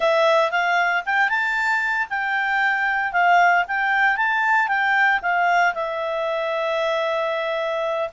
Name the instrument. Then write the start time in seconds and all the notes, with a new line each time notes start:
clarinet
0.00 E5
0.51 F5
1.05 G5
1.29 A5
2.09 G5
3.12 F5
3.67 G5
4.16 A5
4.67 G5
5.22 F5
5.74 E5